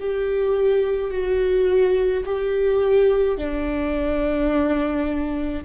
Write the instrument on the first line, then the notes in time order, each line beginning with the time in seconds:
viola
0.00 G4
1.11 F#4
2.25 G4
3.38 D4